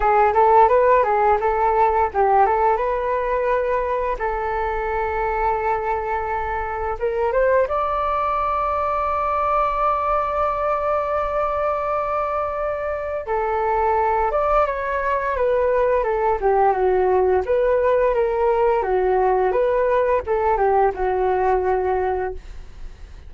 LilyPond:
\new Staff \with { instrumentName = "flute" } { \time 4/4 \tempo 4 = 86 gis'8 a'8 b'8 gis'8 a'4 g'8 a'8 | b'2 a'2~ | a'2 ais'8 c''8 d''4~ | d''1~ |
d''2. a'4~ | a'8 d''8 cis''4 b'4 a'8 g'8 | fis'4 b'4 ais'4 fis'4 | b'4 a'8 g'8 fis'2 | }